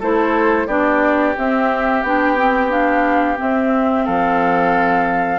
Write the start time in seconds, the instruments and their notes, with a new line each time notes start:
0.00 bassoon A3, clarinet E4, oboe A4, flute C5
0.67 bassoon B3, clarinet D4, oboe G4, flute D5
1.37 clarinet C4, bassoon C4, flute E5
2.03 bassoon B3, clarinet D4, flute G5
2.37 clarinet C4
2.70 clarinet D4, flute F5
3.37 clarinet C4, bassoon C4, flute E5
4.05 bassoon F3, oboe A4, flute F5